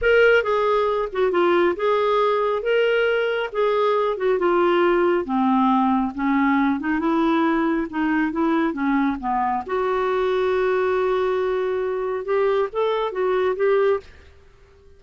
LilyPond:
\new Staff \with { instrumentName = "clarinet" } { \time 4/4 \tempo 4 = 137 ais'4 gis'4. fis'8 f'4 | gis'2 ais'2 | gis'4. fis'8 f'2 | c'2 cis'4. dis'8 |
e'2 dis'4 e'4 | cis'4 b4 fis'2~ | fis'1 | g'4 a'4 fis'4 g'4 | }